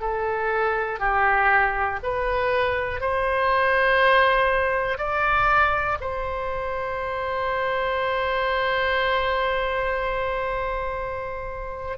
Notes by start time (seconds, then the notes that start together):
0.00 A4
1.00 G4
2.03 B4
3.01 C5
4.98 D5
6.01 C5